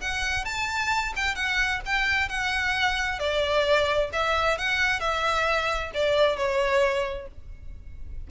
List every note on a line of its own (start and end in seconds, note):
0.00 0.44 F#5
0.44 1.13 A5
1.16 1.35 G5
1.35 1.80 F#5
1.85 2.29 G5
2.29 3.19 F#5
3.19 4.10 D5
4.12 4.58 E5
4.58 5.00 F#5
5.00 5.91 E5
5.94 6.36 D5
6.36 7.27 C#5